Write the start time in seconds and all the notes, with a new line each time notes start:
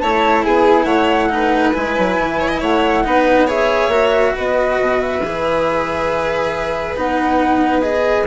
0.00 A3 E4 C#5 A5
0.44 B3 G#4 G#5
0.85 A3 C#5 F#5
1.30 D#4 B4
1.73 G#3 E4 G#5
1.98 F#3
2.19 E3
2.40 C#5
2.49 D#5
2.61 A3 C#5 F#5
3.05 B3 D#4 B4
3.47 G#4 C#5 E5
3.88 A#3 F#4
4.35 B3 B4 D#5
4.80 B2
5.02 E5
5.22 E3 G#4
6.97 B3 D#4 F#5
7.82 G#4 D#5